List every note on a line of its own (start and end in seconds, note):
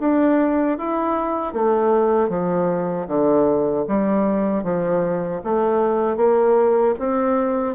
0.00 0.78 D4
0.78 1.53 E4
1.53 2.29 A3
2.29 3.07 F3
3.08 3.86 D3
3.88 4.64 G3
4.64 5.42 F3
5.44 6.17 A3
6.17 6.95 A#3
6.99 7.75 C4